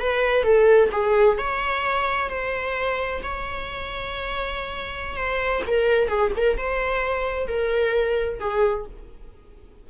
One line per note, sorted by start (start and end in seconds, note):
0.00 0.44 B4
0.44 0.90 A4
0.92 1.38 G#4
1.38 2.30 C#5
2.30 3.22 C5
3.23 5.16 C#5
5.16 5.62 C5
5.67 6.08 A#4
6.08 6.31 G#4
6.37 6.57 A#4
6.57 7.48 C5
7.48 8.40 A#4
8.40 8.86 G#4